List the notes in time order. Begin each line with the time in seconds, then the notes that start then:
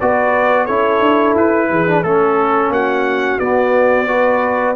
0.00 B3 F#4 B4 D5
0.64 C#4 E4 A4 C#5
1.01 D4
1.36 E4 B4
1.70 E3 G#4
1.87 D4
2.03 A3 C#4 A4
2.69 A#3 F#4 F#5
3.39 B3 D5
4.08 F#4 B4